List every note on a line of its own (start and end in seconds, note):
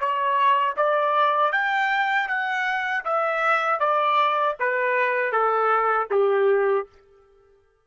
0.00 0.76 C#5
0.77 1.53 D5
1.53 2.29 G5
2.29 3.04 F#5
3.05 3.80 E5
3.80 4.56 D5
4.60 5.32 B4
5.32 6.08 A4
6.11 6.87 G4